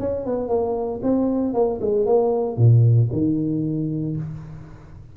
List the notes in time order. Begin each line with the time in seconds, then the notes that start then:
0.00 C#4
0.26 B3
0.49 A#3
1.03 C4
1.54 A#3
1.82 G#3
2.07 A#3
2.58 A#2
3.13 D#3